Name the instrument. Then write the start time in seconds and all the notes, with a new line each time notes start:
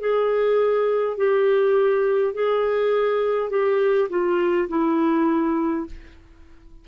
clarinet
0.00 G#4
1.17 G4
2.34 G#4
3.50 G4
4.10 F4
4.68 E4